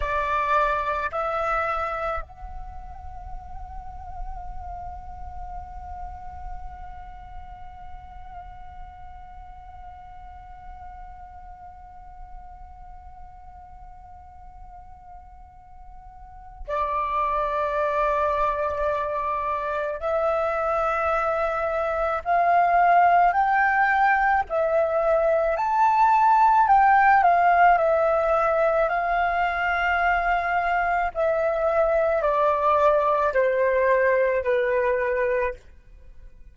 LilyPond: \new Staff \with { instrumentName = "flute" } { \time 4/4 \tempo 4 = 54 d''4 e''4 fis''2~ | fis''1~ | fis''1~ | fis''2. d''4~ |
d''2 e''2 | f''4 g''4 e''4 a''4 | g''8 f''8 e''4 f''2 | e''4 d''4 c''4 b'4 | }